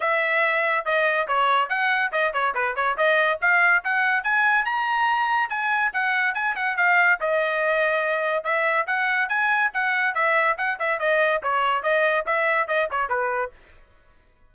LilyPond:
\new Staff \with { instrumentName = "trumpet" } { \time 4/4 \tempo 4 = 142 e''2 dis''4 cis''4 | fis''4 dis''8 cis''8 b'8 cis''8 dis''4 | f''4 fis''4 gis''4 ais''4~ | ais''4 gis''4 fis''4 gis''8 fis''8 |
f''4 dis''2. | e''4 fis''4 gis''4 fis''4 | e''4 fis''8 e''8 dis''4 cis''4 | dis''4 e''4 dis''8 cis''8 b'4 | }